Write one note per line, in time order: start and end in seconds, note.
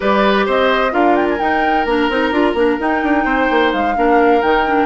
0.00 0.47 G3
0.00 0.91 G4
0.00 0.45 B4
0.00 0.47 D5
0.45 0.93 C4
0.45 0.92 C5
0.45 0.93 D#5
0.91 1.39 D4
0.91 1.37 F4
0.91 3.24 A#4
0.91 1.15 F5
1.15 1.27 G5
1.29 1.39 G#5
1.39 1.86 D#4
1.39 1.85 D#4
1.39 1.85 G5
1.85 2.08 A#3
1.85 2.10 D4
1.85 2.78 A#5
2.09 2.31 C4
2.09 2.32 D#4
2.31 2.54 D4
2.31 2.56 F4
2.54 2.77 A#3
2.54 2.79 D4
2.79 3.95 D#4
2.79 3.03 D#4
2.79 3.72 G5
3.03 3.24 D4
3.24 3.48 C4
3.24 3.94 C5
3.50 3.73 A#3
3.72 3.96 G#3
3.72 4.42 F5
3.95 4.42 A#3
3.95 4.41 D4
3.95 4.86 A#4
4.41 4.86 D#3
4.41 4.65 D#4
4.41 4.86 G5
4.66 4.86 D4